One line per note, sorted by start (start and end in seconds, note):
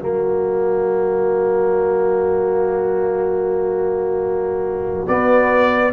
0.00 5.08 F#3
0.00 5.07 A#3
0.00 5.93 F#4
0.00 5.08 C#5
5.08 5.93 B3
5.08 5.92 D5